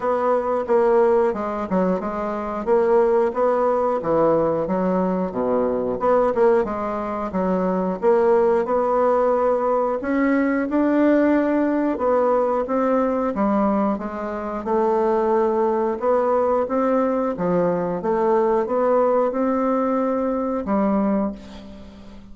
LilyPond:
\new Staff \with { instrumentName = "bassoon" } { \time 4/4 \tempo 4 = 90 b4 ais4 gis8 fis8 gis4 | ais4 b4 e4 fis4 | b,4 b8 ais8 gis4 fis4 | ais4 b2 cis'4 |
d'2 b4 c'4 | g4 gis4 a2 | b4 c'4 f4 a4 | b4 c'2 g4 | }